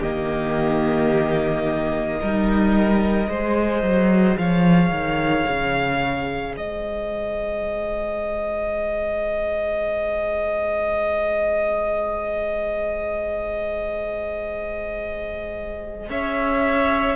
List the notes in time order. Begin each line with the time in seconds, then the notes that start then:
0.00 D#3 A#3 G4 D#5
2.20 G3 D#4 A#4
3.27 G#3 G#4 C5
3.82 F#3
4.37 F3 C#5 F5
4.90 D#3
5.48 C#3
6.57 G#3 C5 D#5
16.09 C#4 C#5 E5